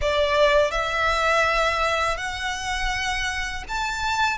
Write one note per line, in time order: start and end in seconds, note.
0.01 0.71 D5
0.71 2.17 E5
2.17 3.63 F#5
3.68 4.37 A5